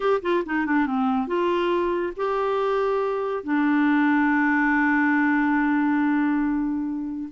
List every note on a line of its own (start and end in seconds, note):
0.00 0.21 G4
0.22 0.43 F4
0.45 0.65 D#4
0.65 0.86 D4
0.86 1.27 C4
1.27 2.13 F4
2.16 3.43 G4
3.43 7.29 D4